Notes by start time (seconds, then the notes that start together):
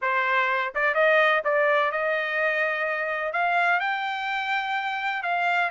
0.01 C5
0.74 D5
0.94 D#5
1.44 D5
1.91 D#5
3.32 F5
3.80 G5
5.23 F5